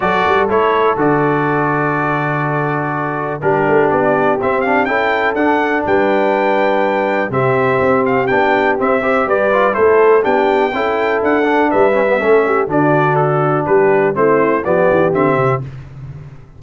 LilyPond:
<<
  \new Staff \with { instrumentName = "trumpet" } { \time 4/4 \tempo 4 = 123 d''4 cis''4 d''2~ | d''2. ais'4 | d''4 e''8 f''8 g''4 fis''4 | g''2. e''4~ |
e''8 f''8 g''4 e''4 d''4 | c''4 g''2 fis''4 | e''2 d''4 a'4 | b'4 c''4 d''4 e''4 | }
  \new Staff \with { instrumentName = "horn" } { \time 4/4 a'1~ | a'2. g'4~ | g'2 a'2 | b'2. g'4~ |
g'2~ g'8 c''8 b'4 | a'4 g'4 a'2 | b'4 a'8 g'8 fis'2 | g'4 e'4 g'2 | }
  \new Staff \with { instrumentName = "trombone" } { \time 4/4 fis'4 e'4 fis'2~ | fis'2. d'4~ | d'4 c'8 d'8 e'4 d'4~ | d'2. c'4~ |
c'4 d'4 c'8 g'4 f'8 | e'4 d'4 e'4. d'8~ | d'8 cis'16 b16 cis'4 d'2~ | d'4 c'4 b4 c'4 | }
  \new Staff \with { instrumentName = "tuba" } { \time 4/4 fis8 g8 a4 d2~ | d2. g8 a8 | b4 c'4 cis'4 d'4 | g2. c4 |
c'4 b4 c'4 g4 | a4 b4 cis'4 d'4 | g4 a4 d2 | g4 a4 f8 e8 d8 c8 | }
>>